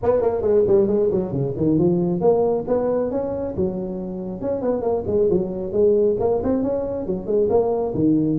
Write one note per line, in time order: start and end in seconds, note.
0.02 0.21 B3
0.21 0.41 A#3
0.41 0.63 G#3
0.67 0.87 G3
0.87 1.09 G#3
1.11 1.32 F#3
1.32 1.54 C#3
1.56 1.78 D#3
1.78 2.20 F3
2.20 2.65 A#3
2.67 3.10 B3
3.10 3.55 C#4
3.56 4.41 F#3
4.41 4.61 C#4
4.61 4.81 B3
4.81 5.03 A#3
5.07 5.29 G#3
5.30 5.72 F#3
5.72 6.16 G#3
6.19 6.42 A#3
6.43 6.62 C4
6.62 7.06 C#4
7.06 7.26 F#3
7.26 7.48 G#3
7.49 7.93 A#3
7.94 8.38 D#3